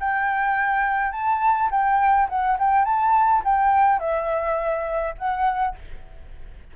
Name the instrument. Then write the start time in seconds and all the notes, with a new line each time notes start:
flute
0.00 G5
1.11 A5
1.70 G5
2.29 F#5
2.59 G5
2.85 A5
3.44 G5
3.99 E5
5.18 F#5